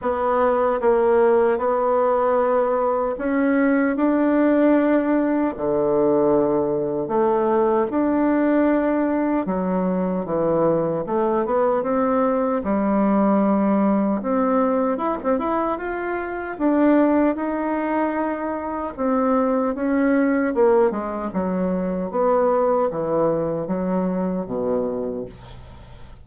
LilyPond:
\new Staff \with { instrumentName = "bassoon" } { \time 4/4 \tempo 4 = 76 b4 ais4 b2 | cis'4 d'2 d4~ | d4 a4 d'2 | fis4 e4 a8 b8 c'4 |
g2 c'4 e'16 c'16 e'8 | f'4 d'4 dis'2 | c'4 cis'4 ais8 gis8 fis4 | b4 e4 fis4 b,4 | }